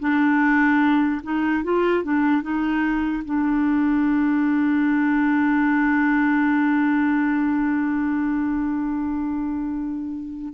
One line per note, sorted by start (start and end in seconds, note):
0.00 1.22 D4
1.23 1.64 D#4
1.64 2.04 F4
2.04 2.42 D4
2.42 3.23 D#4
3.25 10.54 D4